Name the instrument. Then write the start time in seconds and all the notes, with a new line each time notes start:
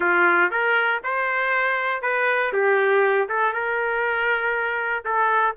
trumpet
0.00 F4
0.50 A#4
1.03 C5
2.02 B4
2.52 G4
3.28 A4
3.53 A#4
5.04 A4